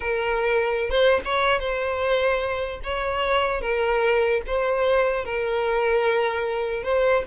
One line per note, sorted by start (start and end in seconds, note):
0.00 0.90 A#4
0.90 1.20 C5
1.24 1.59 C#5
1.59 2.80 C5
2.83 3.61 C#5
3.61 4.41 A#4
4.46 5.24 C5
5.24 6.83 A#4
6.83 7.23 C5